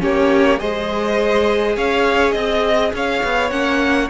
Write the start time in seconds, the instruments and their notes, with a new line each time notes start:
0.00 cello A#3, viola C#4, violin G4 C#5
0.58 cello G#3, viola G#4, violin C5 D#5
1.77 cello C#4, violin C#5 F5
2.32 cello C4, violin D#5
2.93 cello C#4, violin C#5 F5
3.24 cello B3
3.51 cello A#3, viola C#4, violin F#5